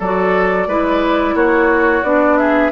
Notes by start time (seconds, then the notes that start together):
0.00 F#3 F#4 A4 D5
0.67 G#3 E4 B4
1.35 A#3 F#4 C#5
2.03 B3 D4 D5
2.37 G#4 E5